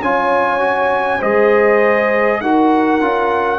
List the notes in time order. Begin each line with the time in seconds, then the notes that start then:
0.00 C#4 F4 C#5 G#5
0.59 F#4
1.19 G#3 G#4 C5 D#5
2.41 D#4 F#4 A#4 F#5
3.00 C#4 F4